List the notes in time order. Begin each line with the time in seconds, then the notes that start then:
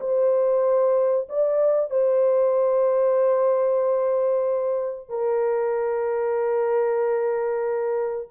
0.00 C5
1.29 D5
1.90 C5
5.09 A#4